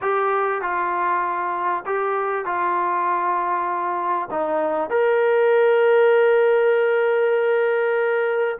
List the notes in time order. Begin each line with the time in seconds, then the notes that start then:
0.01 G4
0.61 F4
1.85 G4
2.45 F4
4.31 D#4
4.90 A#4